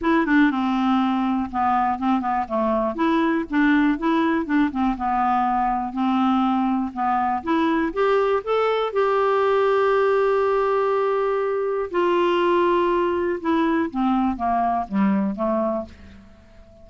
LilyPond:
\new Staff \with { instrumentName = "clarinet" } { \time 4/4 \tempo 4 = 121 e'8 d'8 c'2 b4 | c'8 b8 a4 e'4 d'4 | e'4 d'8 c'8 b2 | c'2 b4 e'4 |
g'4 a'4 g'2~ | g'1 | f'2. e'4 | c'4 ais4 g4 a4 | }